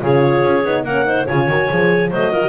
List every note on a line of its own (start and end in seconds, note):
0.00 0.44 C#3
0.00 0.63 F4
0.00 0.83 G#4
0.00 0.83 C#5
0.44 0.65 C#4
0.65 0.83 B3
0.65 0.86 D#4
0.83 1.25 A#3
0.83 1.04 C#4
0.83 1.04 A#4
0.83 1.25 F#5
1.04 1.25 D#4
1.04 1.26 C5
1.26 1.48 C#3
1.26 1.49 F4
1.26 2.10 C#5
1.26 2.11 G#5
1.48 1.69 D#3
1.48 1.69 F#4
1.69 2.11 F3
1.69 2.11 G#4
2.10 2.49 F#3
2.10 2.32 A3
2.10 2.31 C5
2.10 2.49 D#5
2.32 2.41 F4
2.32 2.49 A#4
2.41 2.49 F#4